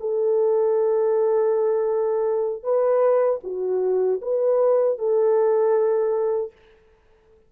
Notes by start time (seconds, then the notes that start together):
0.00 A4
2.63 B4
3.44 F#4
4.22 B4
4.98 A4